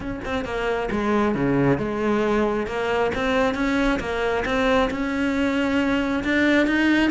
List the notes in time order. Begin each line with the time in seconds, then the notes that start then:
0.00 C#4
0.24 C4
0.44 A#3
0.91 G#3
1.34 C#3
1.77 G#3
2.66 A#3
3.14 C4
3.54 C#4
3.99 A#3
4.45 C4
4.90 C#4
6.23 D4
6.66 D#4